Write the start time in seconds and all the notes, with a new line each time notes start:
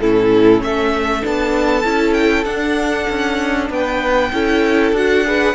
0.00 A2 C#4 E4 A4
0.61 A3 A4 E5
1.22 B3 D4 A5
1.84 C#4 E4
2.14 G5
2.45 D4 F#5
3.10 C#4
3.70 B3 B4 G5
4.33 C#4 E4 A4
4.93 D4 F#4 F#5
5.25 G#4 B4